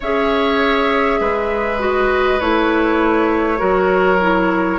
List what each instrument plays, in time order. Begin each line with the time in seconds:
0.00 bassoon C#4, clarinet G#4, oboe C#5, flute E5
1.20 bassoon G#3, oboe B4
1.79 clarinet F#4, flute D#5
2.40 bassoon A3, clarinet E4, flute C#5
3.57 bassoon F#3, clarinet F#4, oboe A#4
4.21 clarinet E4